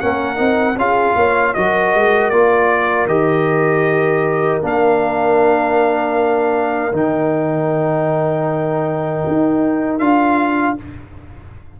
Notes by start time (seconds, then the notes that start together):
0.00 A#3 C#4 A#4 F#5
0.35 C4 D#4
0.76 C#4 F4 G#4 F5
1.15 A#3 C#5
1.54 F#3 F#4 A#4 D#5
1.94 G#3
2.30 A#3 F4 D5
3.06 D#3 G4 D#5
4.62 A#3 D4 F5
6.92 D#3 D#4 G5
9.27 D#4
9.98 D4 F4 F5